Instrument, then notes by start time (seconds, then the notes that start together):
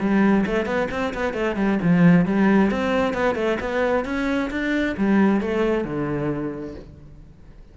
cello
0.00 G3
0.46 A3
0.66 B3
0.91 C4
1.14 B3
1.33 A3
1.56 G3
1.83 F3
2.26 G3
2.71 C4
3.14 B3
3.35 A3
3.60 B3
4.05 C#4
4.50 D4
4.97 G3
5.41 A3
5.85 D3